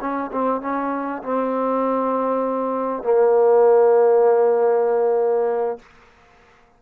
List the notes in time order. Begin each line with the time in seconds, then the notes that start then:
0.00 C#4
0.32 C4
0.61 C#4
1.22 C4
3.03 A#3